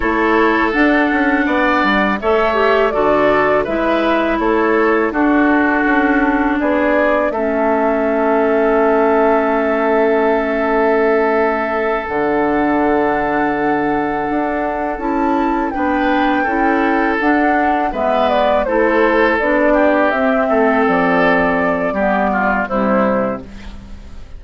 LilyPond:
<<
  \new Staff \with { instrumentName = "flute" } { \time 4/4 \tempo 4 = 82 cis''4 fis''2 e''4 | d''4 e''4 cis''4 a'4~ | a'4 d''4 e''2~ | e''1~ |
e''8 fis''2.~ fis''8~ | fis''8 a''4 g''2 fis''8~ | fis''8 e''8 d''8 c''4 d''4 e''8~ | e''8 d''2~ d''8 c''4 | }
  \new Staff \with { instrumentName = "oboe" } { \time 4/4 a'2 d''4 cis''4 | a'4 b'4 a'4 fis'4~ | fis'4 gis'4 a'2~ | a'1~ |
a'1~ | a'4. b'4 a'4.~ | a'8 b'4 a'4. g'4 | a'2 g'8 f'8 e'4 | }
  \new Staff \with { instrumentName = "clarinet" } { \time 4/4 e'4 d'2 a'8 g'8 | fis'4 e'2 d'4~ | d'2 cis'2~ | cis'1~ |
cis'8 d'2.~ d'8~ | d'8 e'4 d'4 e'4 d'8~ | d'8 b4 e'4 d'4 c'8~ | c'2 b4 g4 | }
  \new Staff \with { instrumentName = "bassoon" } { \time 4/4 a4 d'8 cis'8 b8 g8 a4 | d4 gis4 a4 d'4 | cis'4 b4 a2~ | a1~ |
a8 d2. d'8~ | d'8 cis'4 b4 cis'4 d'8~ | d'8 gis4 a4 b4 c'8 | a8 f4. g4 c4 | }
>>